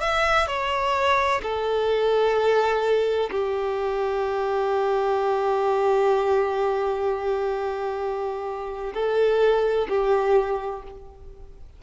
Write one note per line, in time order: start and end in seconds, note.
0.00 0.47 E5
0.47 1.41 C#5
1.42 3.30 A4
3.31 8.93 G4
8.94 9.87 A4
9.89 10.83 G4